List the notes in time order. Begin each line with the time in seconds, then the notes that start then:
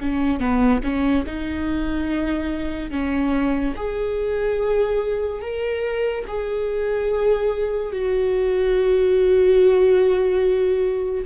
0.00 C#4
0.39 B3
0.83 C#4
1.26 D#4
2.90 C#4
3.76 G#4
5.41 A#4
6.27 G#4
7.92 F#4